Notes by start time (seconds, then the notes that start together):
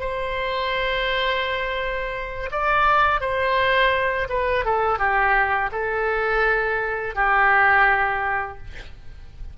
0.00 C5
2.51 D5
3.21 C5
4.29 B4
4.65 A4
4.99 G4
5.72 A4
7.15 G4